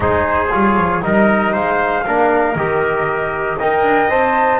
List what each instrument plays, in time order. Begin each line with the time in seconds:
0.00 double bass G#3, trombone D#4, trumpet G#4, flute C5
0.50 double bass G3, trombone F4, flute C#5
0.77 double bass F3
1.01 double bass G3, trombone D#4, trumpet A#4, flute D#5
1.52 double bass G#3, trumpet C5, flute F5
2.06 double bass A#3, trombone D4, trumpet A#4
2.55 double bass D#3, trombone G4, flute D#5
3.58 double bass D#4, trombone A#4, trumpet D#5, flute G5
3.82 double bass D4
4.08 double bass C4, trombone C5, flute A5